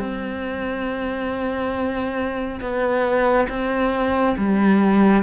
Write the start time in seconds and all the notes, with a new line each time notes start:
0.00 C4
2.61 B3
3.49 C4
4.38 G3